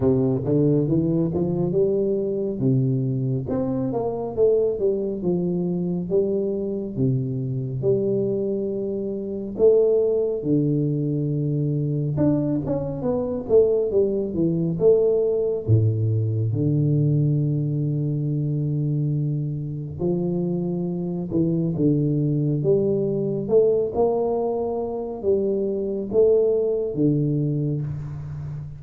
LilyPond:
\new Staff \with { instrumentName = "tuba" } { \time 4/4 \tempo 4 = 69 c8 d8 e8 f8 g4 c4 | c'8 ais8 a8 g8 f4 g4 | c4 g2 a4 | d2 d'8 cis'8 b8 a8 |
g8 e8 a4 a,4 d4~ | d2. f4~ | f8 e8 d4 g4 a8 ais8~ | ais4 g4 a4 d4 | }